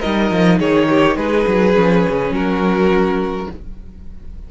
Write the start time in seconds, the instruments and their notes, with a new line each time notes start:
0.00 cello G3, viola D#4, violin A#4 D#5
0.31 cello F3
0.59 cello D#3, violin G#4 C#5
0.89 violin G4
1.16 cello G#3, violin G#4 B4
1.47 cello F#3
1.73 cello F3, viola C#4
2.09 cello C#3
2.30 cello F#3, violin F#4 A#4